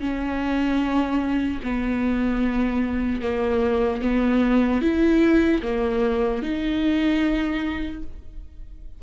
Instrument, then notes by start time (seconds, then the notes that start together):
viola
0.00 C#4
1.63 B3
3.21 A#3
4.01 B3
4.81 E4
5.62 A#3
6.42 D#4